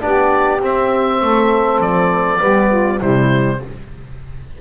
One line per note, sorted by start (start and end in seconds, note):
0.00 0.62 B3
0.00 0.59 D4
0.00 1.21 G4
0.00 0.61 D5
0.62 1.21 C4
0.62 2.40 C4
0.62 1.81 E5
1.21 1.80 A3
1.21 2.40 A4
1.80 2.39 F3
1.80 3.00 D5
2.40 3.01 G3
2.40 2.99 B3
2.40 2.69 G4
2.69 2.99 F4
2.99 3.61 C3
2.99 3.60 G3
2.99 3.59 E4
2.99 3.61 C5